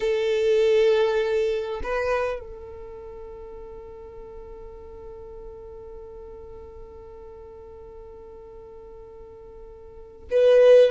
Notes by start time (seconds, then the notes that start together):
0.00 A4
1.83 B4
2.39 A4
10.30 B4